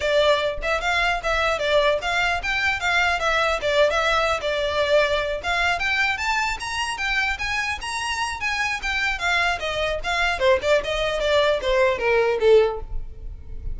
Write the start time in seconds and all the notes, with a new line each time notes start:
0.00 D5
0.62 E5
0.81 F5
1.23 E5
1.58 D5
2.01 F5
2.42 G5
2.79 F5
3.19 E5
3.61 D5
3.90 E5
4.41 D5
5.43 F5
5.79 G5
6.17 A5
6.60 A#5
6.97 G5
7.38 G#5
7.81 A#5
8.40 G#5
8.82 G5
9.19 F5
9.59 D#5
10.03 F5
10.39 C5
10.62 D5
10.84 D#5
11.19 D5
11.61 C5
11.98 A#4
12.40 A4